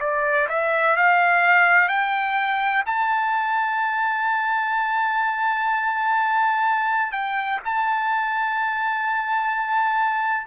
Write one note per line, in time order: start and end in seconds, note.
0.00 0.48 D5
0.49 0.97 E5
0.97 1.88 F5
1.88 2.84 G5
2.86 7.12 A5
7.12 7.60 G5
7.65 10.47 A5